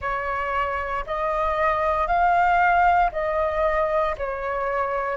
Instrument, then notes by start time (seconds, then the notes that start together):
flute
0.01 C#5
1.06 D#5
2.07 F5
3.12 D#5
4.17 C#5